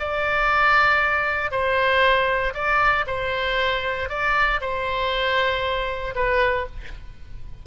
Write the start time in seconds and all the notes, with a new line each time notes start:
0.00 D5
1.52 C5
2.54 D5
3.07 C5
4.09 D5
4.61 C5
6.16 B4